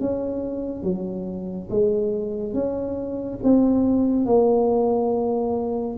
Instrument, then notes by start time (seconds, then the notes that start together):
tuba
0.00 C#4
0.83 F#3
1.70 G#3
2.54 C#4
3.43 C4
4.25 A#3